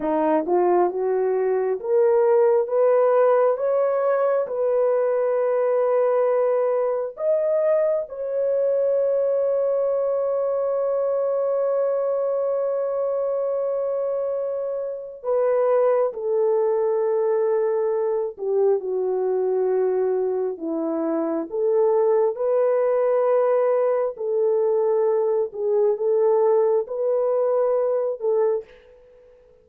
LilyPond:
\new Staff \with { instrumentName = "horn" } { \time 4/4 \tempo 4 = 67 dis'8 f'8 fis'4 ais'4 b'4 | cis''4 b'2. | dis''4 cis''2.~ | cis''1~ |
cis''4 b'4 a'2~ | a'8 g'8 fis'2 e'4 | a'4 b'2 a'4~ | a'8 gis'8 a'4 b'4. a'8 | }